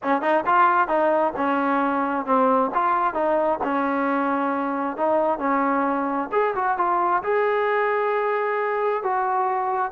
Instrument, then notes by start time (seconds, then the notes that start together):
trombone
0.03 C#4
0.21 D#4
0.46 F4
0.88 D#4
1.36 C#4
2.25 C4
2.74 F4
3.14 D#4
3.63 C#4
4.96 D#4
5.38 C#4
6.32 G#4
6.55 F#4
6.77 F4
7.23 G#4
9.03 F#4